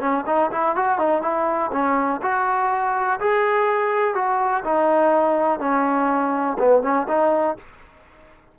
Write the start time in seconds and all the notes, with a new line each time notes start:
0.00 C#4
0.26 D#4
0.51 E4
0.76 F#4
0.98 D#4
1.22 E4
1.72 C#4
2.22 F#4
3.20 G#4
4.15 F#4
4.64 D#4
5.60 C#4
6.59 B3
6.82 C#4
7.08 D#4